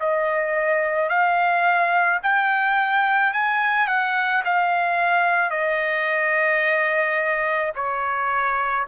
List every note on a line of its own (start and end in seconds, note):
0.00 1.09 D#5
1.09 2.20 F5
2.23 3.33 G5
3.33 3.87 G#5
3.87 4.43 F#5
4.45 5.51 F5
5.51 7.73 D#5
7.75 8.86 C#5